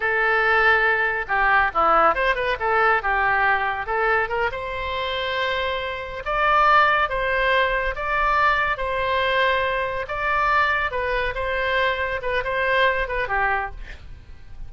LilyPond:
\new Staff \with { instrumentName = "oboe" } { \time 4/4 \tempo 4 = 140 a'2. g'4 | e'4 c''8 b'8 a'4 g'4~ | g'4 a'4 ais'8 c''4.~ | c''2~ c''8 d''4.~ |
d''8 c''2 d''4.~ | d''8 c''2. d''8~ | d''4. b'4 c''4.~ | c''8 b'8 c''4. b'8 g'4 | }